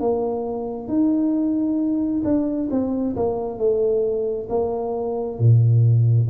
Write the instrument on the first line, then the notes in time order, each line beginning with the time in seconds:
tuba
0.00 A#3
0.88 D#4
2.24 D4
2.71 C4
3.15 A#3
3.58 A3
4.49 A#3
5.39 A#2